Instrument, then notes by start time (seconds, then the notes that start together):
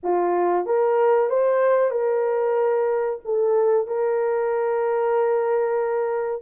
horn
0.03 F4
0.66 A#4
1.29 C5
1.90 A#4
3.24 A4
3.87 A#4